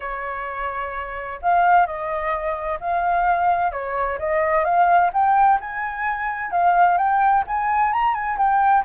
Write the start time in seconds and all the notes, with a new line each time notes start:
0.00 C#5
1.41 F5
1.86 D#5
2.80 F5
3.71 C#5
4.18 D#5
4.64 F5
5.13 G5
5.60 G#5
6.51 F5
6.97 G5
7.47 G#5
7.92 A#5
8.14 G#5
8.37 G5